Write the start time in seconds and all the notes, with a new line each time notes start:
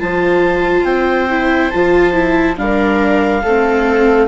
0.00 F3 F4 C5 A5
0.84 C4 G5
1.30 E4
1.71 F3 F4 A5
2.13 E4
2.57 G3 D4 A#4 F5
3.43 A3 C4 A4